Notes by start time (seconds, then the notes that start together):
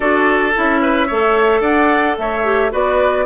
0.00 D4 F#4 A4 D5
0.54 C#4 E4 E5
0.81 B4
1.07 A3 A4 C#5
1.61 D4 D5 F#5
2.17 A3 C#5 E5
2.43 G4
2.71 B3 F#4 B4 D5